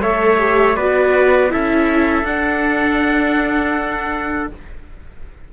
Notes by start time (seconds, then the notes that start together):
0.00 A3 A4 C#5 E5
0.38 G4
0.76 B3 F#4 B4 D5
1.50 C#4 E4 A4 E5
2.23 D4 F#5